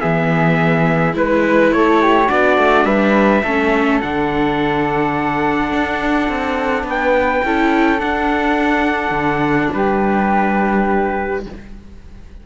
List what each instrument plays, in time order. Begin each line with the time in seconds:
0.00 cello E3, viola B3, flute G#4, trumpet E5
1.14 cello G#3, viola E4, flute B4, trumpet B4
1.72 cello A3, flute A4, trumpet C#5
2.02 flute G4
2.28 cello B3, viola D4, flute F#4, trumpet D5
2.58 cello A3
2.85 cello G3, flute B4, trumpet E5
3.43 cello A3, viola C#4, flute A4
4.02 cello D3, viola D4, trumpet F#5
5.73 cello D4
6.29 cello C4
6.84 cello B3, flute B4, trumpet G5
7.45 cello C#4, viola E4, flute A4
7.99 viola D4, cello D4, trumpet F#5
9.11 cello D3
9.73 cello G3, flute G4, trumpet B4